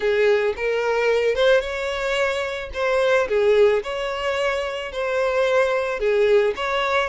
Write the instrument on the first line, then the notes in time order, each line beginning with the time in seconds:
violin
0.00 G#4
0.56 A#4
1.35 C5
1.61 C#5
2.73 C5
3.28 G#4
3.83 C#5
4.91 C5
5.99 G#4
6.56 C#5